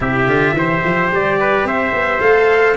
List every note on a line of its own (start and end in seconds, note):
0.00 0.26 C3
0.00 0.27 E4
0.00 0.56 G4
0.00 1.11 E5
0.26 0.53 D3
0.26 0.56 F4
0.53 0.81 E3
0.53 2.19 G4
0.53 1.39 C5
0.84 1.11 F3
1.11 1.64 G3
1.11 1.66 D5
1.39 1.67 B4
1.64 1.91 C4
1.64 2.77 C5
1.64 2.20 E5
1.92 2.20 B3
2.19 2.77 A3
2.19 2.75 A4
2.19 2.76 F5